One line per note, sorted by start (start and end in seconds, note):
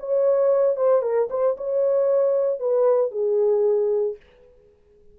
0.00 0.77 C#5
0.77 1.02 C5
1.02 1.29 A#4
1.31 1.57 C5
1.58 2.60 C#5
2.60 3.11 B4
3.11 4.17 G#4